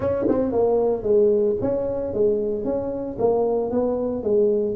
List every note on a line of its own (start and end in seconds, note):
0.00 0.25 C#4
0.28 0.52 C4
0.52 1.03 A#3
1.03 1.56 G#3
1.61 2.13 C#4
2.13 2.64 G#3
2.64 3.17 C#4
3.19 3.70 A#3
3.70 4.23 B3
4.23 4.75 G#3